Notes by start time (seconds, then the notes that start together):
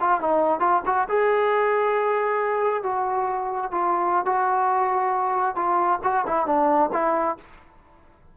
0.00 F4
0.20 D#4
0.59 F4
0.85 F#4
1.08 G#4
2.83 F#4
3.71 F4
4.25 F#4
5.55 F4
6.03 F#4
6.26 E4
6.46 D4
6.93 E4